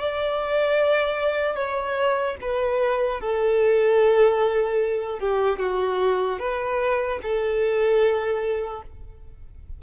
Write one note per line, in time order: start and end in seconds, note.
0.00 1.56 D5
1.56 2.36 C#5
2.41 3.20 B4
3.20 5.19 A4
5.19 5.59 G4
5.59 6.39 F#4
6.39 7.19 B4
7.23 8.83 A4